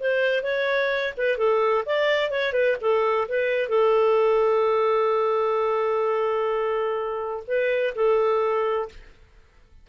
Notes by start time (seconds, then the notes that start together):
0.00 C5
0.43 C#5
1.17 B4
1.38 A4
1.86 D5
2.31 C#5
2.53 B4
2.81 A4
3.28 B4
3.69 A4
7.47 B4
7.95 A4